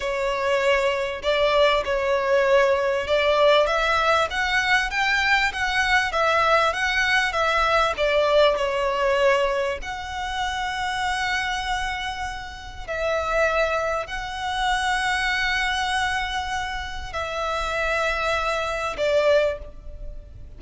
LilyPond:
\new Staff \with { instrumentName = "violin" } { \time 4/4 \tempo 4 = 98 cis''2 d''4 cis''4~ | cis''4 d''4 e''4 fis''4 | g''4 fis''4 e''4 fis''4 | e''4 d''4 cis''2 |
fis''1~ | fis''4 e''2 fis''4~ | fis''1 | e''2. d''4 | }